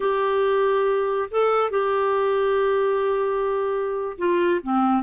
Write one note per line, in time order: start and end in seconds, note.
0.00 1.29 G4
1.31 1.70 A4
1.70 4.17 G4
4.17 4.60 F4
4.63 5.02 C4